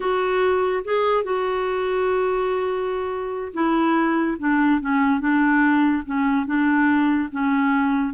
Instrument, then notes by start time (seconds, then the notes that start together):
clarinet
0.00 F#4
0.84 G#4
1.23 F#4
3.53 E4
4.39 D4
4.80 C#4
5.20 D4
6.05 C#4
6.46 D4
7.31 C#4